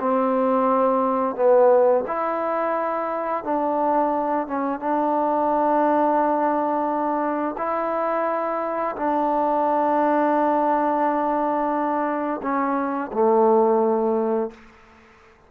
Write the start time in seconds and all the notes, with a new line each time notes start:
0.00 C4
1.35 B3
2.07 E4
3.44 D4
4.47 C#4
4.80 D4
7.57 E4
8.96 D4
12.42 C#4
13.13 A3